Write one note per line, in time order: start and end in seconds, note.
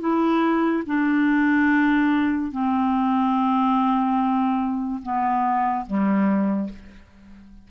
0.00 0.83 E4
0.86 2.52 D4
2.52 5.02 C4
5.02 5.86 B3
5.86 6.69 G3